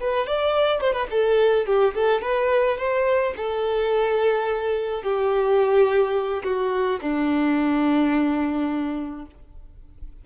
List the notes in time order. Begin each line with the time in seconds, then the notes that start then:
0.00 B4
0.27 D5
0.81 C5
0.93 B4
1.10 A4
1.66 G4
1.94 A4
2.21 B4
2.77 C5
3.36 A4
5.03 G4
6.43 F#4
7.01 D4